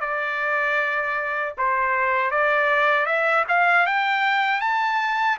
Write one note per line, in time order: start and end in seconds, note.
0.00 1.54 D5
1.57 2.30 C5
2.30 3.06 D5
3.06 3.44 E5
3.48 3.86 F5
3.86 4.60 G5
4.60 5.37 A5